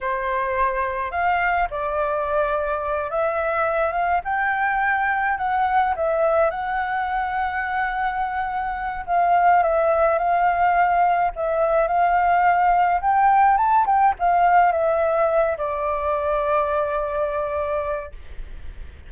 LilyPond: \new Staff \with { instrumentName = "flute" } { \time 4/4 \tempo 4 = 106 c''2 f''4 d''4~ | d''4. e''4. f''8 g''8~ | g''4. fis''4 e''4 fis''8~ | fis''1 |
f''4 e''4 f''2 | e''4 f''2 g''4 | a''8 g''8 f''4 e''4. d''8~ | d''1 | }